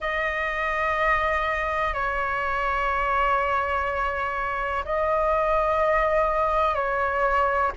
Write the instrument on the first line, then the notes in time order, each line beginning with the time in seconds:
flute
0.00 D#5
1.94 C#5
4.84 D#5
6.74 C#5